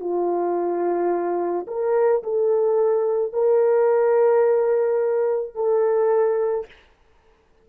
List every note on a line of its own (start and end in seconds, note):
0.00 1.67 F4
1.68 2.23 A#4
2.23 3.33 A4
3.33 5.55 A#4
5.55 6.66 A4